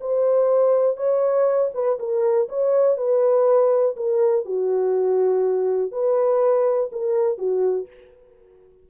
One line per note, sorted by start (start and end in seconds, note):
0.00 0.96 C5
0.96 1.70 C#5
1.73 1.98 B4
1.99 2.48 A#4
2.48 2.97 C#5
2.97 3.95 B4
3.96 4.45 A#4
4.45 5.91 F#4
5.91 6.90 B4
6.91 7.37 A#4
7.37 7.87 F#4